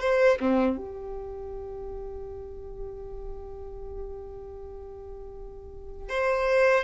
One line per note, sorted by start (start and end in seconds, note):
0.00 0.38 C5
0.40 0.77 C4
0.77 6.09 G4
6.09 6.84 C5